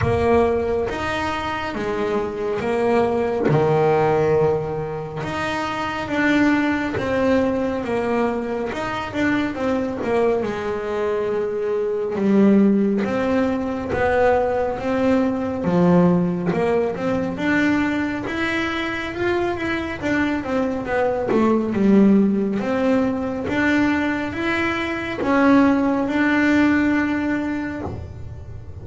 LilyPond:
\new Staff \with { instrumentName = "double bass" } { \time 4/4 \tempo 4 = 69 ais4 dis'4 gis4 ais4 | dis2 dis'4 d'4 | c'4 ais4 dis'8 d'8 c'8 ais8 | gis2 g4 c'4 |
b4 c'4 f4 ais8 c'8 | d'4 e'4 f'8 e'8 d'8 c'8 | b8 a8 g4 c'4 d'4 | e'4 cis'4 d'2 | }